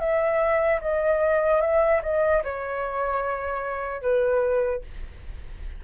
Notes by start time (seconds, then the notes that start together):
0.00 E5
0.81 D#5
1.61 E5
2.03 D#5
2.44 C#5
4.02 B4